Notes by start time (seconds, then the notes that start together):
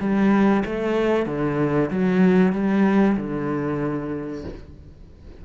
0.00 G3
0.65 A3
1.26 D3
1.90 F#3
2.52 G3
3.17 D3